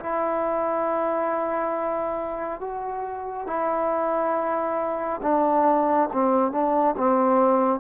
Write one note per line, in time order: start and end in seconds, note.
0.00 2.61 E4
2.61 3.47 F#4
3.47 5.21 E4
5.23 6.10 D4
6.13 6.52 C4
6.52 6.96 D4
6.98 7.80 C4